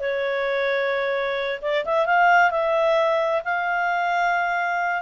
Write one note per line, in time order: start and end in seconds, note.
0.00 1.60 C#5
1.62 1.85 D5
1.85 2.06 E5
2.06 2.51 F5
2.51 3.42 E5
3.45 5.02 F5